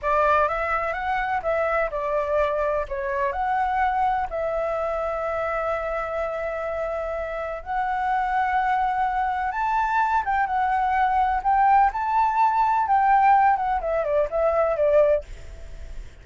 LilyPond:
\new Staff \with { instrumentName = "flute" } { \time 4/4 \tempo 4 = 126 d''4 e''4 fis''4 e''4 | d''2 cis''4 fis''4~ | fis''4 e''2.~ | e''1 |
fis''1 | a''4. g''8 fis''2 | g''4 a''2 g''4~ | g''8 fis''8 e''8 d''8 e''4 d''4 | }